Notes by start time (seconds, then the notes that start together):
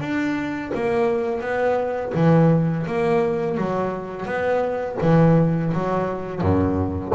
0.00 D4
0.74 A#3
1.41 B3
2.15 E3
2.86 A#3
3.57 F#3
4.26 B3
5.02 E3
5.73 F#3
6.41 F#2